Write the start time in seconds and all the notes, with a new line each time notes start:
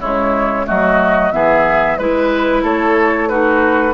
0.00 C#3 G#3 E4 C#5
0.65 F#3 A3 F#4 D#5
1.32 E3 B3 G#4 E5
1.98 G#3 E4 B4
2.63 A3 A4 C#5
3.29 D#4 F#4 B4